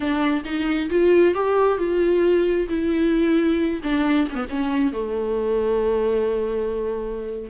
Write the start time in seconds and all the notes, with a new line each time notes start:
0.00 D4
0.44 D#4
0.90 F4
1.34 G4
1.78 F4
2.68 E4
3.83 D4
4.30 B3 C#4
4.49 C#4
4.92 A3